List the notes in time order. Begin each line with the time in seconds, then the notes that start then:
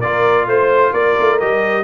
0.00 A#3 F4 A#4 D5
0.47 A3 C5
0.93 A#3 A#4 D5
1.20 A3
1.40 G3 G4 D#5